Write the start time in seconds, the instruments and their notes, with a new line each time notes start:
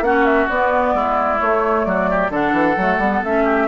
0.00 bassoon A#3, clarinet C#4, oboe F#4, flute F#5
0.25 flute E5
0.48 bassoon B3, clarinet B3, flute D5
0.94 bassoon G#3, oboe E4
1.38 clarinet A3, bassoon A3, flute C#5
1.84 bassoon F#3, oboe F#4, flute D5
2.10 oboe G4
2.29 bassoon D3, clarinet D4, oboe A4, flute F#5
2.52 bassoon E3
2.76 bassoon F#3, clarinet A3
2.98 bassoon G3, clarinet B3
3.23 bassoon A3, clarinet C#4, flute E5
3.44 oboe G4